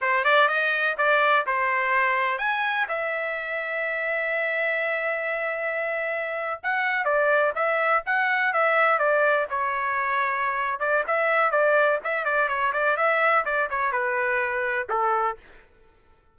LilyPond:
\new Staff \with { instrumentName = "trumpet" } { \time 4/4 \tempo 4 = 125 c''8 d''8 dis''4 d''4 c''4~ | c''4 gis''4 e''2~ | e''1~ | e''4.~ e''16 fis''4 d''4 e''16~ |
e''8. fis''4 e''4 d''4 cis''16~ | cis''2~ cis''8 d''8 e''4 | d''4 e''8 d''8 cis''8 d''8 e''4 | d''8 cis''8 b'2 a'4 | }